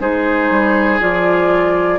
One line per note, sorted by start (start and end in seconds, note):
0.00 0.50 G#3
0.00 1.00 D#4
0.00 1.99 G#4
0.00 1.01 C5
0.50 1.00 G3
1.00 1.99 F3
1.00 1.99 F4
1.00 1.99 D5